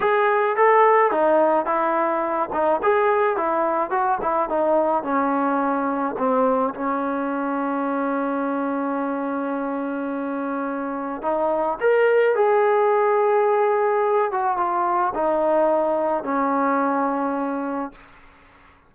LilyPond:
\new Staff \with { instrumentName = "trombone" } { \time 4/4 \tempo 4 = 107 gis'4 a'4 dis'4 e'4~ | e'8 dis'8 gis'4 e'4 fis'8 e'8 | dis'4 cis'2 c'4 | cis'1~ |
cis'1 | dis'4 ais'4 gis'2~ | gis'4. fis'8 f'4 dis'4~ | dis'4 cis'2. | }